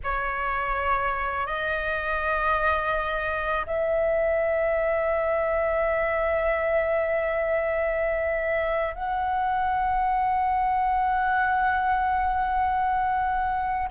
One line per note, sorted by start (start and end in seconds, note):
0.03 1.46 C#5
1.46 3.66 D#5
3.66 8.94 E5
8.94 13.88 F#5